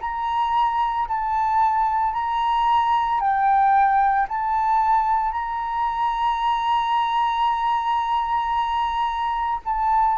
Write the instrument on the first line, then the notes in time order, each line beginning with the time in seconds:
flute
0.00 A#5
1.08 A5
2.13 A#5
3.20 G5
4.28 A5
5.32 A#5
9.65 A5